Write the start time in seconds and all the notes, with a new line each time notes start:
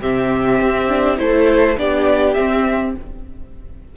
0.00 C3 C4 G4 E5
0.61 C4
0.89 D4
1.17 A3 E4 A4 C5
1.77 B3 D4 G4 D5
2.34 C4 E5